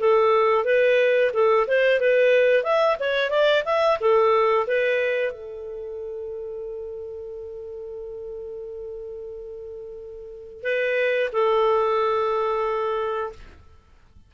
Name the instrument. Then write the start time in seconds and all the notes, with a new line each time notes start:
clarinet
0.00 A4
0.65 B4
1.34 A4
1.68 C5
2.01 B4
2.64 E5
3.00 C#5
3.31 D5
3.65 E5
4.00 A4
4.68 B4
5.32 A4
10.63 B4
11.33 A4